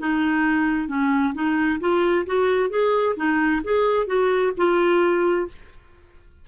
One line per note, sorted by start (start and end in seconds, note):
0.00 0.88 D#4
0.88 1.34 C#4
1.34 1.80 D#4
1.81 2.26 F4
2.26 2.70 F#4
2.70 3.15 G#4
3.17 3.62 D#4
3.64 4.07 G#4
4.07 4.52 F#4
4.57 5.48 F4